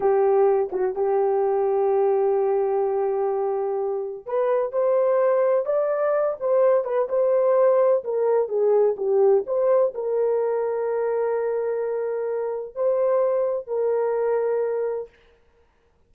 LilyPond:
\new Staff \with { instrumentName = "horn" } { \time 4/4 \tempo 4 = 127 g'4. fis'8 g'2~ | g'1~ | g'4 b'4 c''2 | d''4. c''4 b'8 c''4~ |
c''4 ais'4 gis'4 g'4 | c''4 ais'2.~ | ais'2. c''4~ | c''4 ais'2. | }